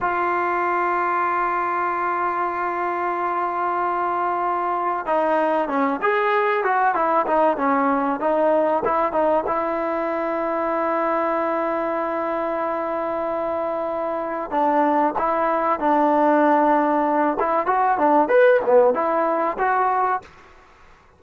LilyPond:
\new Staff \with { instrumentName = "trombone" } { \time 4/4 \tempo 4 = 95 f'1~ | f'1 | dis'4 cis'8 gis'4 fis'8 e'8 dis'8 | cis'4 dis'4 e'8 dis'8 e'4~ |
e'1~ | e'2. d'4 | e'4 d'2~ d'8 e'8 | fis'8 d'8 b'8 b8 e'4 fis'4 | }